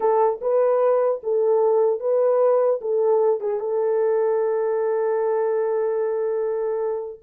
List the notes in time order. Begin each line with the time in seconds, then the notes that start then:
0.00 A4
0.41 B4
1.23 A4
2.00 B4
2.81 A4
3.40 G#4
3.60 A4